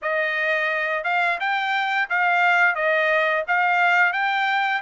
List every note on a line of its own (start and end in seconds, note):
0.02 1.04 D#5
1.04 1.38 F5
1.39 2.08 G5
2.09 2.75 F5
2.75 3.44 D#5
3.47 4.12 F5
4.12 4.81 G5